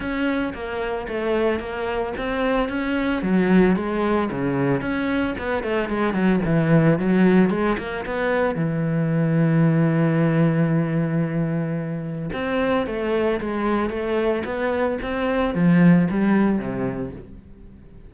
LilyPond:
\new Staff \with { instrumentName = "cello" } { \time 4/4 \tempo 4 = 112 cis'4 ais4 a4 ais4 | c'4 cis'4 fis4 gis4 | cis4 cis'4 b8 a8 gis8 fis8 | e4 fis4 gis8 ais8 b4 |
e1~ | e2. c'4 | a4 gis4 a4 b4 | c'4 f4 g4 c4 | }